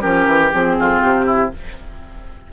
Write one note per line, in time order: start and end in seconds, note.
0.00 0.26 F3
0.00 0.50 C#4
0.00 0.76 G4
0.00 0.51 A#4
0.26 0.51 E3
0.52 0.79 F3
0.52 1.52 C4
0.52 1.01 G#4
0.79 1.02 F2
0.79 1.26 F4
1.01 1.52 C3
1.01 1.51 G4
1.26 1.51 E4